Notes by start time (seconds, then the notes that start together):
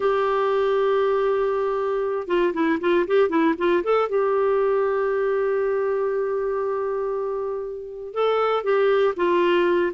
0.00 G4
2.27 F4
2.53 E4
2.80 F4
3.07 G4
3.29 E4
3.58 F4
3.83 A4
4.08 G4
8.14 A4
8.63 G4
9.16 F4